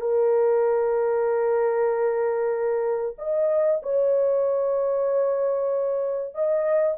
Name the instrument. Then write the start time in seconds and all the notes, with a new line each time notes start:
horn
0.00 A#4
3.18 D#5
3.82 C#5
6.34 D#5